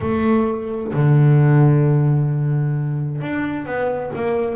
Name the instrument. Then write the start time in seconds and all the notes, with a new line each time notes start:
double bass
0.01 A3
0.93 D3
3.21 D4
3.65 B3
4.15 A#3